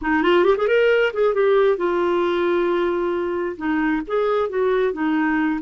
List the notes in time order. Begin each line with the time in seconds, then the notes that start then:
0.01 D#4
0.22 F4
0.44 G4
0.57 G#4
0.67 A#4
1.13 G#4
1.34 G4
1.77 F4
3.57 D#4
4.07 G#4
4.49 F#4
4.92 D#4